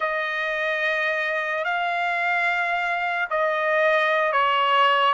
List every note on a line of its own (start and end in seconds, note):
0.00 1.64 D#5
1.64 3.28 F5
3.30 4.32 D#5
4.32 5.13 C#5